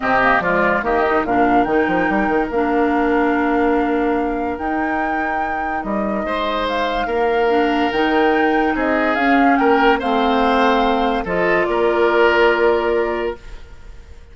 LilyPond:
<<
  \new Staff \with { instrumentName = "flute" } { \time 4/4 \tempo 4 = 144 dis''4 d''4 dis''4 f''4 | g''2 f''2~ | f''2. g''4~ | g''2 dis''2 |
f''2. g''4~ | g''4 dis''4 f''4 g''4 | f''2. dis''4 | d''1 | }
  \new Staff \with { instrumentName = "oboe" } { \time 4/4 g'4 f'4 g'4 ais'4~ | ais'1~ | ais'1~ | ais'2. c''4~ |
c''4 ais'2.~ | ais'4 gis'2 ais'4 | c''2. a'4 | ais'1 | }
  \new Staff \with { instrumentName = "clarinet" } { \time 4/4 c'8 ais8 gis4 ais8 dis'8 d'4 | dis'2 d'2~ | d'2. dis'4~ | dis'1~ |
dis'2 d'4 dis'4~ | dis'2 cis'2 | c'2. f'4~ | f'1 | }
  \new Staff \with { instrumentName = "bassoon" } { \time 4/4 c4 f4 dis4 ais,4 | dis8 f8 g8 dis8 ais2~ | ais2. dis'4~ | dis'2 g4 gis4~ |
gis4 ais2 dis4~ | dis4 c'4 cis'4 ais4 | a2. f4 | ais1 | }
>>